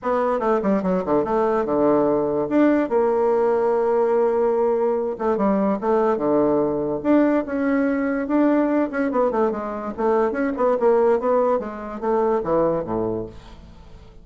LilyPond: \new Staff \with { instrumentName = "bassoon" } { \time 4/4 \tempo 4 = 145 b4 a8 g8 fis8 d8 a4 | d2 d'4 ais4~ | ais1~ | ais8 a8 g4 a4 d4~ |
d4 d'4 cis'2 | d'4. cis'8 b8 a8 gis4 | a4 cis'8 b8 ais4 b4 | gis4 a4 e4 a,4 | }